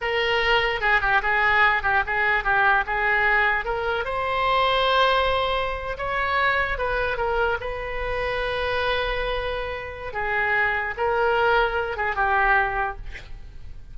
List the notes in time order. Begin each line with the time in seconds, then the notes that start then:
0.01 A#4
0.81 G#4
1.01 G4
1.22 G#4
1.82 G4
2.06 G#4
2.43 G4
2.86 G#4
3.64 A#4
4.04 C5
5.97 C#5
6.78 B4
7.17 A#4
7.60 B4
10.13 G#4
10.97 A#4
11.96 G#4
12.15 G4